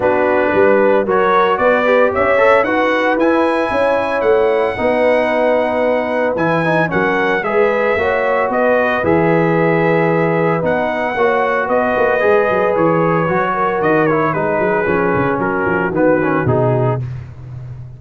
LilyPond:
<<
  \new Staff \with { instrumentName = "trumpet" } { \time 4/4 \tempo 4 = 113 b'2 cis''4 d''4 | e''4 fis''4 gis''2 | fis''1 | gis''4 fis''4 e''2 |
dis''4 e''2. | fis''2 dis''2 | cis''2 dis''8 cis''8 b'4~ | b'4 ais'4 b'4 gis'4 | }
  \new Staff \with { instrumentName = "horn" } { \time 4/4 fis'4 b'4 ais'4 b'4 | cis''4 b'2 cis''4~ | cis''4 b'2.~ | b'4 ais'4 b'4 cis''4 |
b'1~ | b'4 cis''4 b'2~ | b'4. ais'4. gis'4~ | gis'4 fis'2. | }
  \new Staff \with { instrumentName = "trombone" } { \time 4/4 d'2 fis'4. g'8~ | g'8 a'8 fis'4 e'2~ | e'4 dis'2. | e'8 dis'8 cis'4 gis'4 fis'4~ |
fis'4 gis'2. | dis'4 fis'2 gis'4~ | gis'4 fis'4. e'8 dis'4 | cis'2 b8 cis'8 dis'4 | }
  \new Staff \with { instrumentName = "tuba" } { \time 4/4 b4 g4 fis4 b4 | cis'4 dis'4 e'4 cis'4 | a4 b2. | e4 fis4 gis4 ais4 |
b4 e2. | b4 ais4 b8 ais8 gis8 fis8 | e4 fis4 dis4 gis8 fis8 | f8 cis8 fis8 f8 dis4 b,4 | }
>>